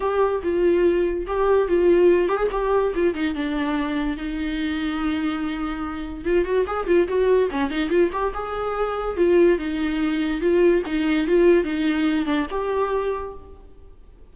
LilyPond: \new Staff \with { instrumentName = "viola" } { \time 4/4 \tempo 4 = 144 g'4 f'2 g'4 | f'4. g'16 gis'16 g'4 f'8 dis'8 | d'2 dis'2~ | dis'2. f'8 fis'8 |
gis'8 f'8 fis'4 cis'8 dis'8 f'8 g'8 | gis'2 f'4 dis'4~ | dis'4 f'4 dis'4 f'4 | dis'4. d'8 g'2 | }